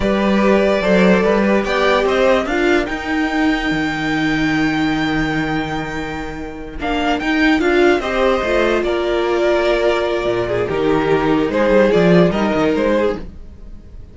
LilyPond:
<<
  \new Staff \with { instrumentName = "violin" } { \time 4/4 \tempo 4 = 146 d''1 | g''4 dis''4 f''4 g''4~ | g''1~ | g''1~ |
g''8 f''4 g''4 f''4 dis''8~ | dis''4. d''2~ d''8~ | d''2 ais'2 | c''4 d''4 dis''4 c''4 | }
  \new Staff \with { instrumentName = "violin" } { \time 4/4 b'2 c''4 b'4 | d''4 c''4 ais'2~ | ais'1~ | ais'1~ |
ais'2.~ ais'8 c''8~ | c''4. ais'2~ ais'8~ | ais'4. gis'8 g'2 | gis'2 ais'4. gis'8 | }
  \new Staff \with { instrumentName = "viola" } { \time 4/4 g'2 a'4. g'8~ | g'2 f'4 dis'4~ | dis'1~ | dis'1~ |
dis'8 d'4 dis'4 f'4 g'8~ | g'8 f'2.~ f'8~ | f'2 dis'2~ | dis'4 f'4 dis'2 | }
  \new Staff \with { instrumentName = "cello" } { \time 4/4 g2 fis4 g4 | b4 c'4 d'4 dis'4~ | dis'4 dis2.~ | dis1~ |
dis8 ais4 dis'4 d'4 c'8~ | c'8 a4 ais2~ ais8~ | ais4 ais,4 dis2 | gis8 g8 f4 g8 dis8 gis4 | }
>>